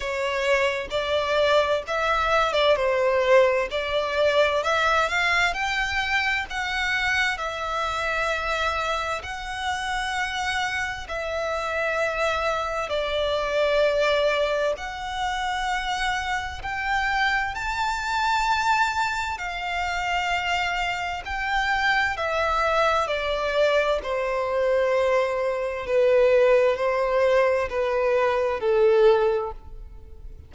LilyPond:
\new Staff \with { instrumentName = "violin" } { \time 4/4 \tempo 4 = 65 cis''4 d''4 e''8. d''16 c''4 | d''4 e''8 f''8 g''4 fis''4 | e''2 fis''2 | e''2 d''2 |
fis''2 g''4 a''4~ | a''4 f''2 g''4 | e''4 d''4 c''2 | b'4 c''4 b'4 a'4 | }